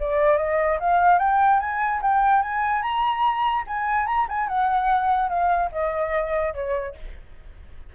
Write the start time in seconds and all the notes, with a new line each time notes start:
0.00 D5
0.38 D#5
0.80 F5
1.19 G5
1.60 G#5
2.02 G5
2.43 G#5
2.83 A#5
3.68 G#5
4.07 A#5
4.29 G#5
4.48 F#5
5.29 F5
5.72 D#5
6.54 C#5